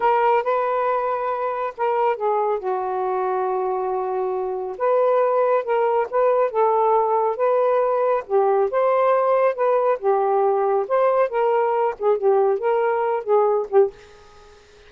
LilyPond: \new Staff \with { instrumentName = "saxophone" } { \time 4/4 \tempo 4 = 138 ais'4 b'2. | ais'4 gis'4 fis'2~ | fis'2. b'4~ | b'4 ais'4 b'4 a'4~ |
a'4 b'2 g'4 | c''2 b'4 g'4~ | g'4 c''4 ais'4. gis'8 | g'4 ais'4. gis'4 g'8 | }